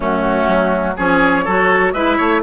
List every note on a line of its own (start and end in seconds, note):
0.00 0.47 F#2
0.00 0.96 A3
0.00 0.94 C#4
0.00 0.98 F#4
0.47 0.95 F#3
0.96 1.46 F3
0.96 1.45 C#4
0.96 1.44 G#4
0.96 1.92 C#5
1.44 1.93 F#3
1.44 1.94 F#4
1.44 1.92 A4
1.92 2.17 G#3
1.92 2.42 E4
1.92 2.17 B4
1.92 2.41 E5
2.17 2.42 A3
2.17 2.41 C#5